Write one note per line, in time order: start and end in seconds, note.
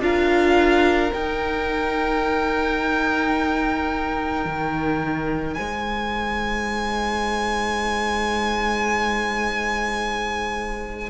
0.00 1.11 D4
0.00 1.09 F4
0.00 5.56 A#4
0.00 1.12 F5
1.09 11.09 D#4
1.09 4.45 D#4
1.09 5.54 G5
4.45 5.56 D#3
5.54 11.10 G#3
5.54 11.10 C5
5.54 11.09 G#5